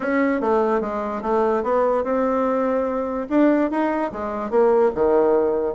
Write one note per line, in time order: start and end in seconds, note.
0.00 0.41 C#4
0.41 0.80 A3
0.80 1.21 G#3
1.22 1.63 A3
1.63 2.04 B3
2.04 3.27 C4
3.29 3.70 D4
3.70 4.11 D#4
4.12 4.50 G#3
4.50 4.91 A#3
4.94 5.75 D#3